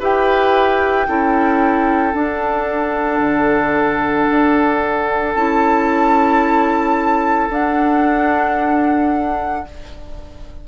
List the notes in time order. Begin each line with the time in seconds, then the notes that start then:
0.00 E4 G4 B4 G5
1.07 C#4 E4 A4
2.13 D4 F#5
3.20 D3
4.31 D4
5.35 C#4 E4 A5
7.50 D4 F#5